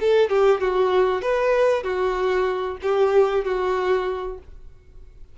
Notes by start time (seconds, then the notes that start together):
0.00 A4
0.29 G4
0.61 F#4
1.22 B4
1.84 F#4
2.82 G4
3.44 F#4